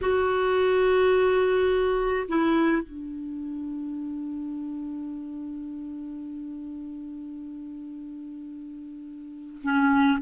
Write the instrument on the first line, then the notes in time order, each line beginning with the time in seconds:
clarinet
0.01 F#4
2.28 E4
2.82 D4
9.62 C#4